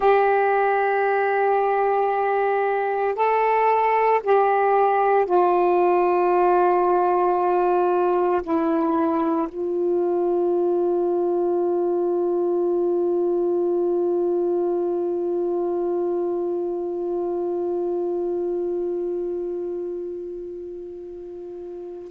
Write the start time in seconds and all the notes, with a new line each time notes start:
0.00 G4
3.15 A4
4.23 G4
5.25 F4
8.42 E4
9.48 F4